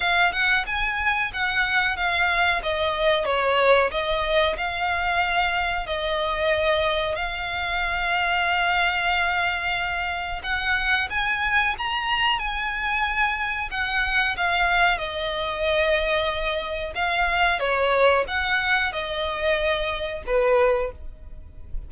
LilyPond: \new Staff \with { instrumentName = "violin" } { \time 4/4 \tempo 4 = 92 f''8 fis''8 gis''4 fis''4 f''4 | dis''4 cis''4 dis''4 f''4~ | f''4 dis''2 f''4~ | f''1 |
fis''4 gis''4 ais''4 gis''4~ | gis''4 fis''4 f''4 dis''4~ | dis''2 f''4 cis''4 | fis''4 dis''2 b'4 | }